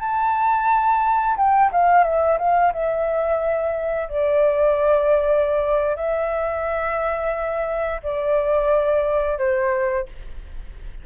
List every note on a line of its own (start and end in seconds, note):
0.00 1.36 A5
1.37 1.71 G5
1.72 2.04 F5
2.04 2.38 E5
2.38 2.72 F5
2.73 4.09 E5
4.09 5.96 D5
5.96 8.01 E5
8.03 9.38 D5
9.38 10.07 C5